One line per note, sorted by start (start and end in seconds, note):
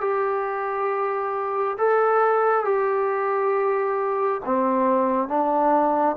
0.00 1.76 G4
1.77 2.64 A4
2.64 4.41 G4
4.44 5.28 C4
5.28 6.16 D4